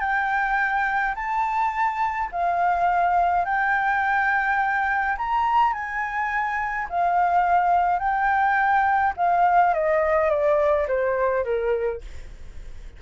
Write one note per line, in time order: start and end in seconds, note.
0.00 1.14 G5
1.15 2.29 A5
2.32 3.45 F5
3.45 5.16 G5
5.17 5.73 A#5
5.73 6.87 G#5
6.89 7.99 F5
7.99 9.13 G5
9.17 9.74 F5
9.74 10.30 D#5
10.30 10.87 D5
10.88 11.44 C5
11.44 12.01 A#4